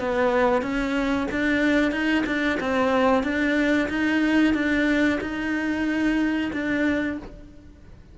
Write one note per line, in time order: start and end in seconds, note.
0.00 0.62 B3
0.62 1.27 C#4
1.32 1.92 D4
1.92 2.24 D#4
2.26 2.59 D4
2.61 3.23 C4
3.23 3.89 D4
3.89 4.54 D#4
4.54 5.19 D4
5.21 6.51 D#4
6.53 7.18 D4